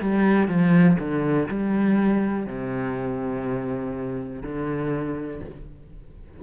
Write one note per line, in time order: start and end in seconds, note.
0.00 0.47 G3
0.47 0.97 F3
0.98 1.48 D3
1.48 2.45 G3
2.45 4.42 C3
4.42 5.41 D3